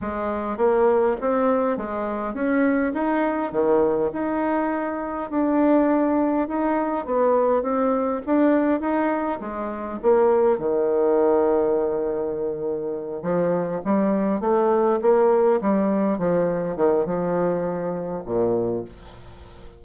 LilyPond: \new Staff \with { instrumentName = "bassoon" } { \time 4/4 \tempo 4 = 102 gis4 ais4 c'4 gis4 | cis'4 dis'4 dis4 dis'4~ | dis'4 d'2 dis'4 | b4 c'4 d'4 dis'4 |
gis4 ais4 dis2~ | dis2~ dis8 f4 g8~ | g8 a4 ais4 g4 f8~ | f8 dis8 f2 ais,4 | }